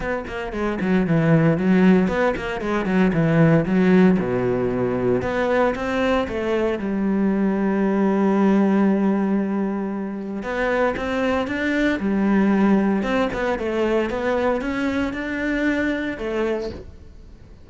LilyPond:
\new Staff \with { instrumentName = "cello" } { \time 4/4 \tempo 4 = 115 b8 ais8 gis8 fis8 e4 fis4 | b8 ais8 gis8 fis8 e4 fis4 | b,2 b4 c'4 | a4 g2.~ |
g1 | b4 c'4 d'4 g4~ | g4 c'8 b8 a4 b4 | cis'4 d'2 a4 | }